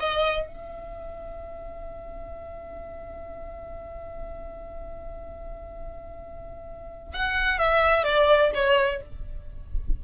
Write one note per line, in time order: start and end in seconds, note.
0.00 0.47 D#5
0.47 7.14 E5
7.14 7.58 F#5
7.58 8.04 E5
8.04 8.52 D5
8.54 9.02 C#5